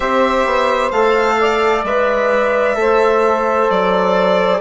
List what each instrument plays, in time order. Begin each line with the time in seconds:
0.00 bassoon C4, trombone G4, saxophone C5, violin E5
0.45 bassoon B3
0.91 bassoon A3, trombone A4, violin F5
1.40 saxophone D5
1.84 bassoon G#3, trombone B4, violin E5
2.75 bassoon A3, trombone A4, saxophone C5
3.70 bassoon F#3, violin D5